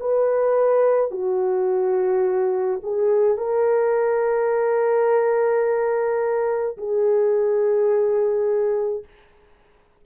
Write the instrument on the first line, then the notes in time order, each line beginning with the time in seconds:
horn
0.00 B4
1.11 F#4
2.83 G#4
3.37 A#4
6.77 G#4